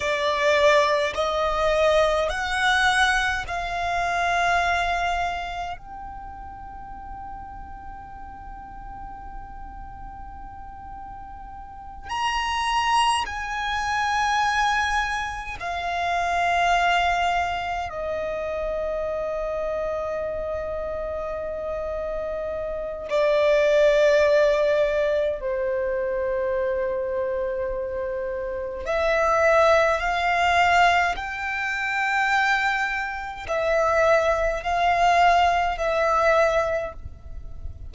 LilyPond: \new Staff \with { instrumentName = "violin" } { \time 4/4 \tempo 4 = 52 d''4 dis''4 fis''4 f''4~ | f''4 g''2.~ | g''2~ g''8 ais''4 gis''8~ | gis''4. f''2 dis''8~ |
dis''1 | d''2 c''2~ | c''4 e''4 f''4 g''4~ | g''4 e''4 f''4 e''4 | }